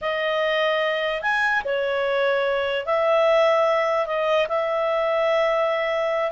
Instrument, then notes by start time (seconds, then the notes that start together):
clarinet
0.01 D#5
1.22 G#5
1.64 C#5
2.85 E5
4.06 D#5
4.48 E5